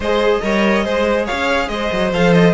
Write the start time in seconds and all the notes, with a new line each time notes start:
0.00 G#3 G#4 C5 D#5
0.41 G3 A#4 C#5
0.84 G#3 G#4 C5
1.25 C#5 F5
1.31 C#4
1.68 G#3 C5 D#5
1.92 F#3
2.12 F3 A4 F5
2.33 D#5